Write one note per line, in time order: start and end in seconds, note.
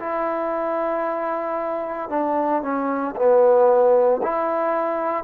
0.00 2.10 E4
2.10 2.62 D4
2.63 3.15 C#4
3.16 4.22 B3
4.23 5.24 E4